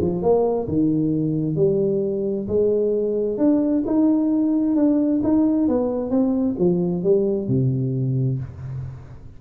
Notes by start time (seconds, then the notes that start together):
0.00 F3
0.22 A#3
0.67 D#3
1.56 G3
2.47 G#3
3.38 D4
3.86 D#4
4.76 D4
5.23 D#4
5.68 B3
6.10 C4
6.58 F3
7.03 G3
7.48 C3